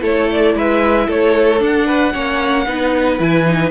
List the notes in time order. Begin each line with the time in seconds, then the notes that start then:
0.00 A3 E4 A4 C#5
0.31 D5
0.54 G#3 B4 E5
1.07 A3 A4 C#5
1.58 D4 F#5
1.86 B4
2.13 A#3 C#4 C#5
2.66 B3 D#4 B4
3.19 E3 E4 G#5
3.46 D#4